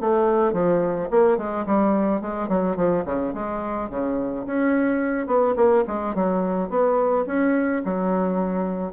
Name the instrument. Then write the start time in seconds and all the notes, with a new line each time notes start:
bassoon
0.00 A3
0.53 F3
1.10 A#3
1.37 G#3
1.66 G3
2.21 G#3
2.48 F#3
2.76 F3
3.05 C#3
3.34 G#3
3.89 C#3
4.46 C#4
5.27 B3
5.56 A#3
5.87 G#3
6.14 F#3
6.69 B3
7.26 C#4
7.85 F#3